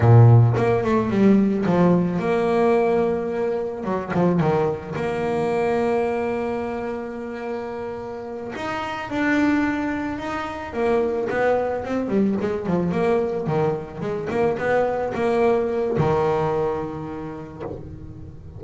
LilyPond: \new Staff \with { instrumentName = "double bass" } { \time 4/4 \tempo 4 = 109 ais,4 ais8 a8 g4 f4 | ais2. fis8 f8 | dis4 ais2.~ | ais2.~ ais8 dis'8~ |
dis'8 d'2 dis'4 ais8~ | ais8 b4 c'8 g8 gis8 f8 ais8~ | ais8 dis4 gis8 ais8 b4 ais8~ | ais4 dis2. | }